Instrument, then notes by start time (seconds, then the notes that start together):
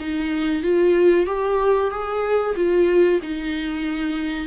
viola
0.00 D#4
0.63 F4
1.26 G4
1.91 G#4
2.56 F4
3.22 D#4